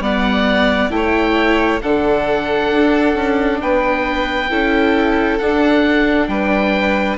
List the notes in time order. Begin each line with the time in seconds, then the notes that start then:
0.00 G3 B3 D5 F#5
0.90 A3 E4 C#5 G5
1.82 D3 D4 A4 F#5
2.71 D4
3.14 C#4
3.61 B3 B4 G5
4.50 C#4 E4 A4
5.38 D4 F#5
6.28 G3 B4 G5